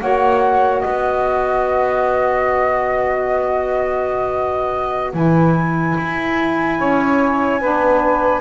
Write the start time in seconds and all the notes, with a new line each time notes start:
0.00 A#3 F#4 C#5 F#5
0.80 B3 B4 D#5
5.13 E3 E4 G#5
5.98 E4
6.79 C#4 C#5
7.61 B3 D4 B4